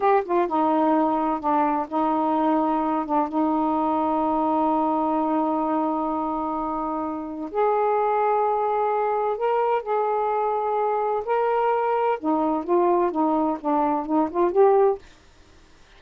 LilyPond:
\new Staff \with { instrumentName = "saxophone" } { \time 4/4 \tempo 4 = 128 g'8 f'8 dis'2 d'4 | dis'2~ dis'8 d'8 dis'4~ | dis'1~ | dis'1 |
gis'1 | ais'4 gis'2. | ais'2 dis'4 f'4 | dis'4 d'4 dis'8 f'8 g'4 | }